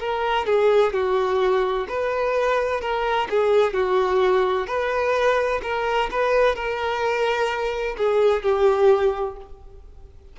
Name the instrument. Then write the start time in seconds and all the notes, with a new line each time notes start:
violin
0.00 A#4
0.46 G#4
0.93 F#4
1.89 B4
2.81 A#4
3.30 G#4
3.73 F#4
4.67 B4
5.63 A#4
6.11 B4
6.55 A#4
7.98 G#4
8.43 G4